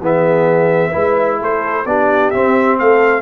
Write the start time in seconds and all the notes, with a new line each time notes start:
0.00 E3 B3 G#4 E5
0.91 G#3 E4 B4
1.40 A3 A4 C5
1.85 B3 D4 G4 D5
2.30 C4 E5
2.79 A3 A4 F5